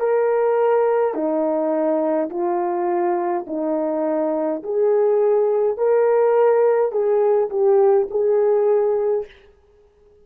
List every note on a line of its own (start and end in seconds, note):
0.00 1.14 A#4
1.14 2.30 D#4
2.30 3.46 F4
3.47 4.63 D#4
4.64 5.78 G#4
5.78 6.92 A#4
6.92 7.50 G#4
7.51 8.08 G4
8.11 9.26 G#4